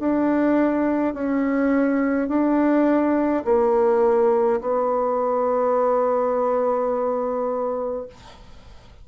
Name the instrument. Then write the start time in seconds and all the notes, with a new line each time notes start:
bassoon
0.00 D4
1.14 C#4
2.29 D4
3.46 A#3
4.61 B3